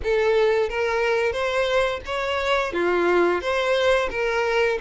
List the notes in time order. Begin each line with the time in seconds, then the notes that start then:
0.03 A4
0.69 A#4
1.32 C5
2.05 C#5
2.72 F4
3.41 C5
4.10 A#4